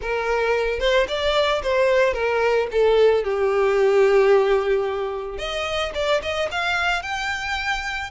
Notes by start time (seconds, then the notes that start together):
0.01 A#4
0.79 C5
1.08 D5
1.62 C5
2.13 A#4
2.71 A4
3.24 G4
5.38 D#5
5.94 D5
6.22 D#5
6.51 F5
7.02 G5